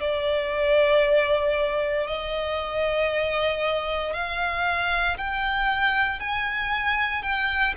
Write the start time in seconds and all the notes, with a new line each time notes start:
0.00 D5
2.07 D#5
4.13 F5
5.17 G5
6.20 G#5
7.23 G5